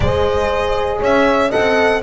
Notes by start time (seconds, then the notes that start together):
0.00 G#3 G#4 C5 D#5
0.99 C#4 C#5 E5
1.49 A4 D#5 F#5
1.55 C4